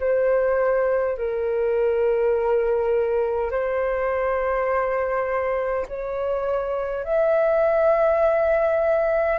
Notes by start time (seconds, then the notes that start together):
0.00 C5
1.18 A#4
3.51 C5
5.88 C#5
7.04 E5